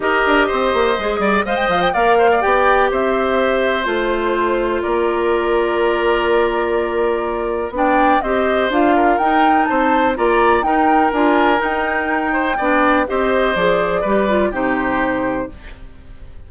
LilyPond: <<
  \new Staff \with { instrumentName = "flute" } { \time 4/4 \tempo 4 = 124 dis''2. f''16 g''16 f''16 g''16 | f''4 g''4 e''2 | c''2 d''2~ | d''1 |
g''4 dis''4 f''4 g''4 | a''4 ais''4 g''4 gis''4 | g''2. dis''4 | d''2 c''2 | }
  \new Staff \with { instrumentName = "oboe" } { \time 4/4 ais'4 c''4. d''8 dis''4 | d''8 c''16 d''4~ d''16 c''2~ | c''2 ais'2~ | ais'1 |
d''4 c''4. ais'4. | c''4 d''4 ais'2~ | ais'4. c''8 d''4 c''4~ | c''4 b'4 g'2 | }
  \new Staff \with { instrumentName = "clarinet" } { \time 4/4 g'2 gis'4 c''4 | ais'4 g'2. | f'1~ | f'1 |
d'4 g'4 f'4 dis'4~ | dis'4 f'4 dis'4 f'4 | dis'2 d'4 g'4 | gis'4 g'8 f'8 dis'2 | }
  \new Staff \with { instrumentName = "bassoon" } { \time 4/4 dis'8 d'8 c'8 ais8 gis8 g8 gis8 f8 | ais4 b4 c'2 | a2 ais2~ | ais1 |
b4 c'4 d'4 dis'4 | c'4 ais4 dis'4 d'4 | dis'2 b4 c'4 | f4 g4 c2 | }
>>